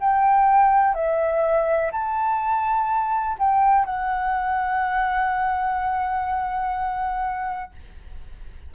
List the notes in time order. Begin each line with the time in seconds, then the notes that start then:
0.00 G5
0.94 E5
1.91 A5
3.38 G5
3.85 F#5